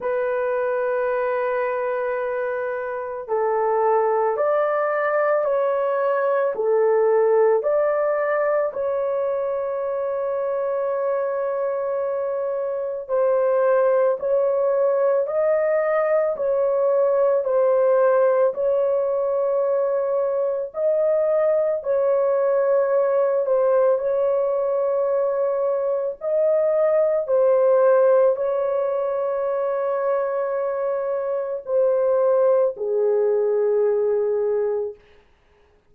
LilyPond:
\new Staff \with { instrumentName = "horn" } { \time 4/4 \tempo 4 = 55 b'2. a'4 | d''4 cis''4 a'4 d''4 | cis''1 | c''4 cis''4 dis''4 cis''4 |
c''4 cis''2 dis''4 | cis''4. c''8 cis''2 | dis''4 c''4 cis''2~ | cis''4 c''4 gis'2 | }